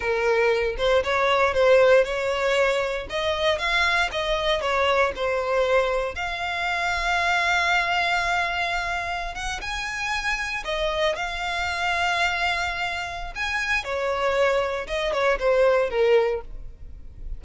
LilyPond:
\new Staff \with { instrumentName = "violin" } { \time 4/4 \tempo 4 = 117 ais'4. c''8 cis''4 c''4 | cis''2 dis''4 f''4 | dis''4 cis''4 c''2 | f''1~ |
f''2~ f''16 fis''8 gis''4~ gis''16~ | gis''8. dis''4 f''2~ f''16~ | f''2 gis''4 cis''4~ | cis''4 dis''8 cis''8 c''4 ais'4 | }